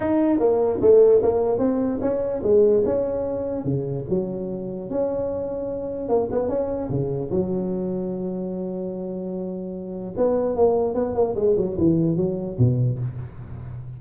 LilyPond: \new Staff \with { instrumentName = "tuba" } { \time 4/4 \tempo 4 = 148 dis'4 ais4 a4 ais4 | c'4 cis'4 gis4 cis'4~ | cis'4 cis4 fis2 | cis'2. ais8 b8 |
cis'4 cis4 fis2~ | fis1~ | fis4 b4 ais4 b8 ais8 | gis8 fis8 e4 fis4 b,4 | }